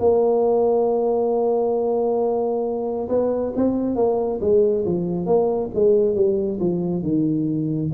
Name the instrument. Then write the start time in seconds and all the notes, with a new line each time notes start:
tuba
0.00 A#3
3.09 B3
3.56 C4
3.96 A#3
4.41 G#3
4.85 F3
5.26 A#3
5.75 G#3
6.16 G3
6.60 F3
7.03 D#3